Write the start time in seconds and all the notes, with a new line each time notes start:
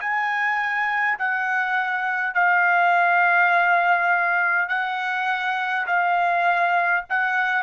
0.00 G#5
1.19 F#5
2.34 F5
4.68 F#5
5.87 F5
7.09 F#5